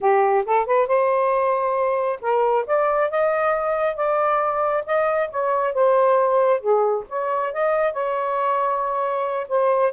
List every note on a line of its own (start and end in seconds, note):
0.00 0.45 G4
0.45 0.66 A4
0.66 0.87 B4
0.87 2.19 C5
2.21 2.65 A#4
2.66 3.10 D5
3.10 3.95 D#5
3.95 4.84 D5
4.86 5.30 D#5
5.30 5.73 C#5
5.73 6.60 C5
6.60 7.04 G#4
7.09 7.53 C#5
7.53 7.92 D#5
7.92 9.47 C#5
9.48 9.92 C5